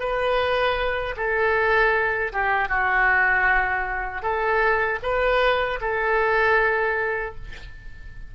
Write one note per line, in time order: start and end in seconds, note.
0.00 1.15 B4
1.17 2.33 A4
2.33 2.69 G4
2.69 4.22 F#4
4.22 4.99 A4
5.03 5.80 B4
5.81 7.35 A4